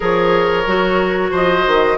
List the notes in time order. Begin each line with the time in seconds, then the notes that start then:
0.00 F3 G#4 A#4 C#5
0.66 F#3 F#4
1.31 F3 C5 D#5
1.67 D#3